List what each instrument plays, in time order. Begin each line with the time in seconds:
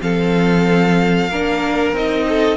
0.00 cello F3, viola C4, violin A4 F5
1.30 cello A#3, viola D4, violin A#4
1.93 cello C4, viola D#4, violin D#5
2.29 violin A4